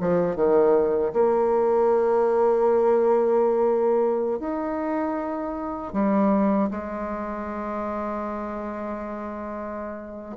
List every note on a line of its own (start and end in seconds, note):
0.00 0.36 F3
0.36 1.13 D#3
1.13 4.39 A#3
4.39 5.93 D#4
5.93 6.70 G3
6.70 10.36 G#3